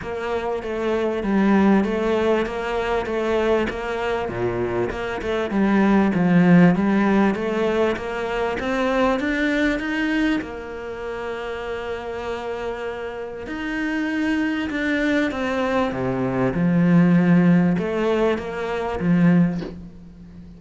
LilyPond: \new Staff \with { instrumentName = "cello" } { \time 4/4 \tempo 4 = 98 ais4 a4 g4 a4 | ais4 a4 ais4 ais,4 | ais8 a8 g4 f4 g4 | a4 ais4 c'4 d'4 |
dis'4 ais2.~ | ais2 dis'2 | d'4 c'4 c4 f4~ | f4 a4 ais4 f4 | }